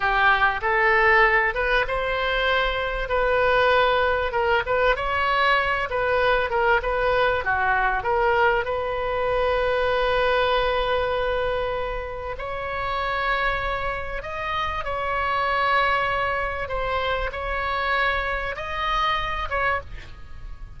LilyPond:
\new Staff \with { instrumentName = "oboe" } { \time 4/4 \tempo 4 = 97 g'4 a'4. b'8 c''4~ | c''4 b'2 ais'8 b'8 | cis''4. b'4 ais'8 b'4 | fis'4 ais'4 b'2~ |
b'1 | cis''2. dis''4 | cis''2. c''4 | cis''2 dis''4. cis''8 | }